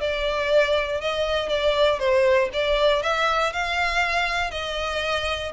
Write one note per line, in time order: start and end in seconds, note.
0.00 1.01 D5
1.01 1.49 D#5
1.49 1.99 D5
1.99 2.49 C5
2.53 3.02 D5
3.02 3.52 E5
3.53 4.51 F5
4.51 5.52 D#5